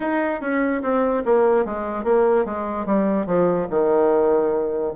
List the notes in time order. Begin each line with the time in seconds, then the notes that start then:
0.00 D#4
0.40 C#4
0.82 C4
1.25 A#3
1.65 G#3
2.04 A#3
2.45 G#3
2.86 G3
3.26 F3
3.69 D#3